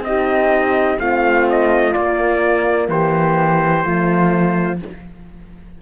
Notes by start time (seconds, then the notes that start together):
0.00 C4 D#4 D#5
0.07 G4
0.98 A3 C4 F4 F5
1.49 D#5
1.93 A#3 D5
2.88 E3 G4 C5
3.82 F3 A3 F4